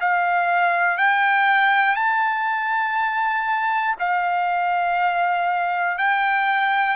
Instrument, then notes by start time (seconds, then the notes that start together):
trumpet
0.00 F5
0.98 G5
1.95 A5
3.99 F5
5.98 G5